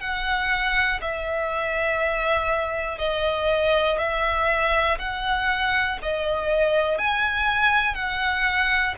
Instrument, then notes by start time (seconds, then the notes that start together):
violin
0.00 F#5
1.01 E5
2.99 D#5
3.98 E5
4.99 F#5
6.02 D#5
6.98 G#5
7.95 F#5